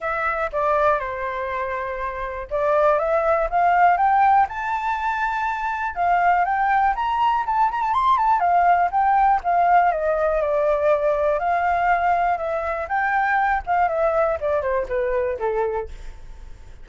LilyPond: \new Staff \with { instrumentName = "flute" } { \time 4/4 \tempo 4 = 121 e''4 d''4 c''2~ | c''4 d''4 e''4 f''4 | g''4 a''2. | f''4 g''4 ais''4 a''8 ais''16 a''16 |
c'''8 a''8 f''4 g''4 f''4 | dis''4 d''2 f''4~ | f''4 e''4 g''4. f''8 | e''4 d''8 c''8 b'4 a'4 | }